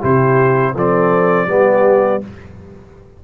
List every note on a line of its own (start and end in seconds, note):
0.00 0.75 C3
0.00 0.74 E4
0.00 0.73 G4
0.00 0.76 C5
0.74 1.47 F3
0.74 1.47 C4
0.74 1.48 A4
0.74 2.24 D5
1.47 2.20 G3
1.47 2.21 B3
1.47 2.23 G4